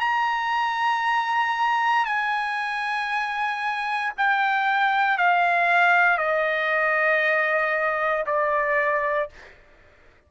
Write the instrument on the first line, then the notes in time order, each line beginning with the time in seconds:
trumpet
0.00 A#5
2.05 G#5
4.17 G5
5.18 F5
6.17 D#5
8.26 D5